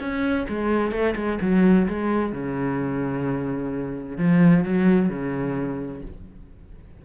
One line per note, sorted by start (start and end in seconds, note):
0.00 0.47 C#4
0.49 0.91 G#3
0.91 1.15 A3
1.16 1.39 G#3
1.41 1.87 F#3
1.88 2.32 G#3
2.32 4.18 C#3
4.18 4.64 F3
4.64 5.09 F#3
5.09 6.02 C#3